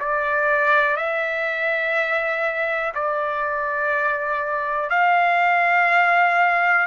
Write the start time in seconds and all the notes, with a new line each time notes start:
0.00 D5
0.97 E5
2.95 D5
4.90 F5